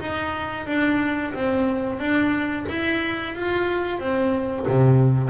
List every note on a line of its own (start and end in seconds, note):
0.00 0.67 D#4
0.67 1.33 D4
1.34 1.99 C4
1.99 2.66 D4
2.69 3.35 E4
3.35 3.99 F4
3.99 4.66 C4
4.68 5.29 C3